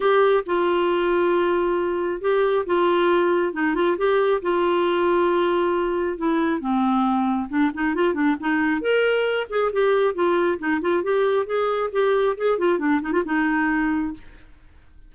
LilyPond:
\new Staff \with { instrumentName = "clarinet" } { \time 4/4 \tempo 4 = 136 g'4 f'2.~ | f'4 g'4 f'2 | dis'8 f'8 g'4 f'2~ | f'2 e'4 c'4~ |
c'4 d'8 dis'8 f'8 d'8 dis'4 | ais'4. gis'8 g'4 f'4 | dis'8 f'8 g'4 gis'4 g'4 | gis'8 f'8 d'8 dis'16 f'16 dis'2 | }